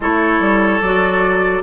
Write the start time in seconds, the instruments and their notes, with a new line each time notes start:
0.00 bassoon A3, clarinet E4, oboe A4, flute C#5
0.40 bassoon G3
0.81 bassoon F#3, clarinet F#4, flute D5